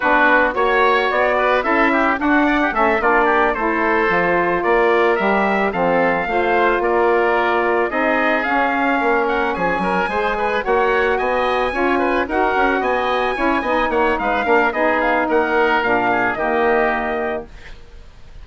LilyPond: <<
  \new Staff \with { instrumentName = "trumpet" } { \time 4/4 \tempo 4 = 110 b'4 cis''4 d''4 e''4 | fis''4 e''8 d''4 c''4.~ | c''8 d''4 e''4 f''4.~ | f''8 d''2 dis''4 f''8~ |
f''4 fis''8 gis''2 fis''8~ | fis''8 gis''2 fis''4 gis''8~ | gis''4. fis''8 f''4 dis''8 f''8 | fis''4 f''4 dis''2 | }
  \new Staff \with { instrumentName = "oboe" } { \time 4/4 fis'4 cis''4. b'8 a'8 g'8 | fis'8 d''16 g'16 a'8 f'8 g'8 a'4.~ | a'8 ais'2 a'4 c''8~ | c''8 ais'2 gis'4.~ |
gis'8 ais'4 gis'8 ais'8 c''8 b'8 cis''8~ | cis''8 dis''4 cis''8 b'8 ais'4 dis''8~ | dis''8 cis''8 dis''8 cis''8 b'8 ais'8 gis'4 | ais'4. gis'8 g'2 | }
  \new Staff \with { instrumentName = "saxophone" } { \time 4/4 d'4 fis'2 e'4 | d'4 cis'8 d'4 e'4 f'8~ | f'4. g'4 c'4 f'8~ | f'2~ f'8 dis'4 cis'8~ |
cis'2~ cis'8 gis'4 fis'8~ | fis'4. f'4 fis'4.~ | fis'8 e'8 dis'4. d'8 dis'4~ | dis'4 d'4 ais2 | }
  \new Staff \with { instrumentName = "bassoon" } { \time 4/4 b4 ais4 b4 cis'4 | d'4 a8 ais4 a4 f8~ | f8 ais4 g4 f4 a8~ | a8 ais2 c'4 cis'8~ |
cis'8 ais4 f8 fis8 gis4 ais8~ | ais8 b4 cis'4 dis'8 cis'8 b8~ | b8 cis'8 b8 ais8 gis8 ais8 b4 | ais4 ais,4 dis2 | }
>>